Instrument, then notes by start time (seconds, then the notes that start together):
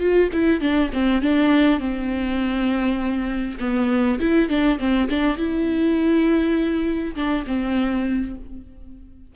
viola
0.00 F4
0.33 E4
0.61 D4
0.93 C4
1.22 D4
1.80 C4
3.60 B3
4.20 E4
4.49 D4
4.79 C4
5.10 D4
5.37 E4
7.16 D4
7.46 C4